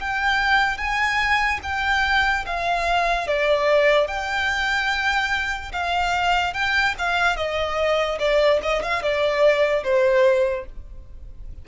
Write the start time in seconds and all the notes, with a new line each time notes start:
0.00 G5
0.78 G#5
1.63 G5
2.46 F5
3.27 D5
4.08 G5
5.73 F5
6.54 G5
6.99 F5
7.36 D#5
8.19 D5
8.63 D#5
8.82 F5
9.02 D5
9.84 C5